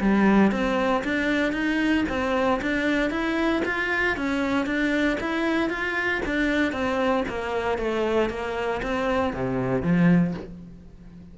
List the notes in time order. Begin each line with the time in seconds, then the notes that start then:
0.00 G3
0.51 C4
1.04 D4
1.52 D#4
2.09 C4
2.61 D4
3.10 E4
3.65 F4
4.17 C#4
4.66 D4
5.20 E4
5.69 F4
6.25 D4
6.72 C4
7.28 A#3
7.78 A3
8.29 A#3
8.82 C4
9.33 C3
9.82 F3